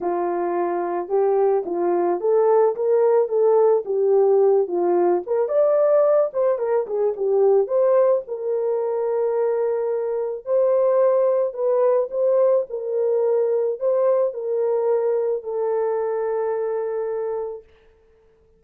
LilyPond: \new Staff \with { instrumentName = "horn" } { \time 4/4 \tempo 4 = 109 f'2 g'4 f'4 | a'4 ais'4 a'4 g'4~ | g'8 f'4 ais'8 d''4. c''8 | ais'8 gis'8 g'4 c''4 ais'4~ |
ais'2. c''4~ | c''4 b'4 c''4 ais'4~ | ais'4 c''4 ais'2 | a'1 | }